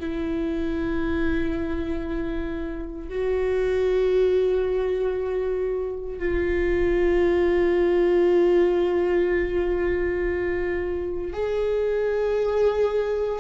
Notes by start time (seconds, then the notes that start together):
0.00 E4
3.09 F#4
6.19 F4
11.34 G#4